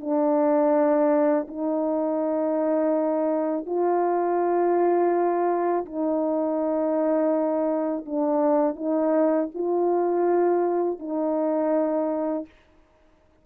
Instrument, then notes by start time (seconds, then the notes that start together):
horn
0.00 D4
1.48 D#4
3.66 F4
5.85 D#4
8.05 D4
8.75 D#4
9.54 F4
10.99 D#4